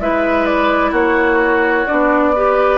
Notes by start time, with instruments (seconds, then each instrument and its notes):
0.00 bassoon G#3, clarinet E4, oboe B4, flute E5
0.45 flute D5
0.91 bassoon A#3, oboe F#4, flute C#5
1.87 bassoon B3, clarinet D4, flute D5
2.35 clarinet G4, oboe B4